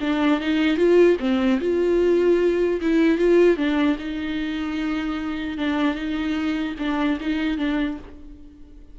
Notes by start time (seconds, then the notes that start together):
0.00 D4
0.40 D#4
0.77 F4
1.19 C4
1.60 F4
2.81 E4
3.18 F4
3.57 D4
3.98 D#4
5.57 D4
5.95 D#4
6.79 D4
7.20 D#4
7.57 D4